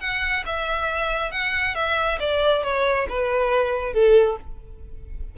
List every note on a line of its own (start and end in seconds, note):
0.00 0.43 F#5
0.45 1.31 E5
1.31 1.75 F#5
1.75 2.19 E5
2.20 2.63 D5
2.63 3.07 C#5
3.09 3.93 B4
3.93 4.37 A4